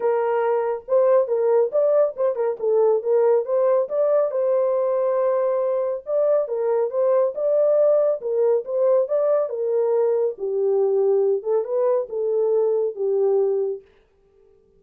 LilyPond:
\new Staff \with { instrumentName = "horn" } { \time 4/4 \tempo 4 = 139 ais'2 c''4 ais'4 | d''4 c''8 ais'8 a'4 ais'4 | c''4 d''4 c''2~ | c''2 d''4 ais'4 |
c''4 d''2 ais'4 | c''4 d''4 ais'2 | g'2~ g'8 a'8 b'4 | a'2 g'2 | }